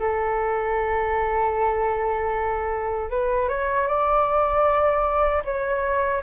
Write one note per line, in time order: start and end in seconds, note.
0.00 3.11 A4
3.11 3.49 B4
3.49 3.88 C#5
3.88 5.44 D5
5.45 6.23 C#5